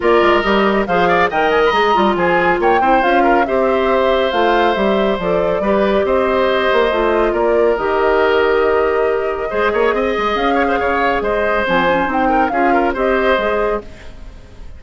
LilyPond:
<<
  \new Staff \with { instrumentName = "flute" } { \time 4/4 \tempo 4 = 139 d''4 dis''4 f''4 g''8 gis''16 b''16 | ais''4 gis''4 g''4 f''4 | e''2 f''4 e''4 | d''2 dis''2~ |
dis''4 d''4 dis''2~ | dis''1 | f''2 dis''4 gis''4 | g''4 f''4 dis''2 | }
  \new Staff \with { instrumentName = "oboe" } { \time 4/4 ais'2 c''8 d''8 dis''4~ | dis''4 gis'4 cis''8 c''4 ais'8 | c''1~ | c''4 b'4 c''2~ |
c''4 ais'2.~ | ais'2 c''8 cis''8 dis''4~ | dis''8 cis''16 c''16 cis''4 c''2~ | c''8 ais'8 gis'8 ais'8 c''2 | }
  \new Staff \with { instrumentName = "clarinet" } { \time 4/4 f'4 g'4 gis'4 ais'4 | gis'8 f'2 e'8 f'4 | g'2 f'4 g'4 | a'4 g'2. |
f'2 g'2~ | g'2 gis'2~ | gis'2. c'8 cis'8 | dis'4 f'4 g'4 gis'4 | }
  \new Staff \with { instrumentName = "bassoon" } { \time 4/4 ais8 gis8 g4 f4 dis4 | gis8 g8 f4 ais8 c'8 cis'4 | c'2 a4 g4 | f4 g4 c'4. ais8 |
a4 ais4 dis2~ | dis2 gis8 ais8 c'8 gis8 | cis'4 cis4 gis4 f4 | c'4 cis'4 c'4 gis4 | }
>>